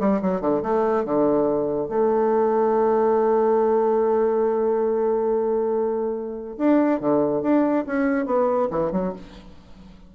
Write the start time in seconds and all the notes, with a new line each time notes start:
0.00 G3
0.22 F#3
0.41 D3
0.63 A3
1.05 D3
1.89 A3
6.58 D4
7.00 D3
7.42 D4
7.87 C#4
8.26 B3
8.71 E3
8.92 F#3